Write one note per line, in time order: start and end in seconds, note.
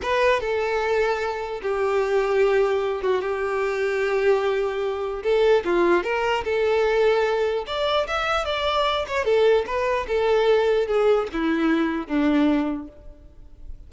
0.02 0.40 B4
0.40 1.61 A4
1.62 3.02 G4
3.02 3.21 F#4
3.21 5.22 G4
5.23 5.63 A4
5.64 6.03 F4
6.03 6.44 A#4
6.44 7.65 A4
7.66 8.06 D5
8.07 8.45 E5
8.45 9.05 D5
9.07 9.24 C#5
9.24 9.65 A4
9.66 10.06 B4
10.07 10.87 A4
10.87 11.27 G#4
11.32 12.07 E4
12.07 12.87 D4